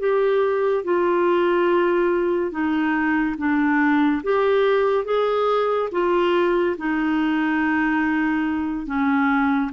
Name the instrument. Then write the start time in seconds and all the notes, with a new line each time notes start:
clarinet
0.00 G4
0.84 F4
2.51 D#4
3.38 D4
4.23 G4
5.05 G#4
5.92 F4
6.78 D#4
8.87 C#4